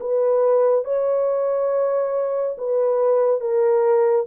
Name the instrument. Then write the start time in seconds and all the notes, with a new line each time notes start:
horn
0.00 B4
0.84 C#5
2.57 B4
3.40 A#4